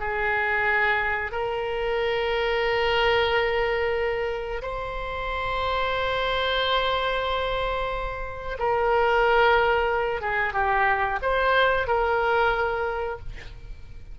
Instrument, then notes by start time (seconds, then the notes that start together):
oboe
0.00 G#4
1.32 A#4
4.62 C5
8.59 A#4
10.22 G#4
10.53 G4
11.22 C5
11.88 A#4